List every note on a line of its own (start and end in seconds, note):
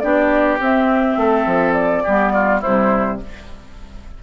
0.00 0.60 B3
0.00 0.59 D4
0.00 1.19 G4
0.00 0.58 D5
0.60 1.17 C4
0.60 2.05 C4
0.60 1.73 E5
1.17 1.46 A3
1.17 2.04 A4
1.47 2.04 F3
1.73 2.60 D5
2.04 2.65 G3
2.04 2.64 B3
2.04 2.33 G4
2.34 2.61 F4
2.61 3.23 C3
2.61 3.21 G3
2.61 3.19 E4
2.61 3.21 C5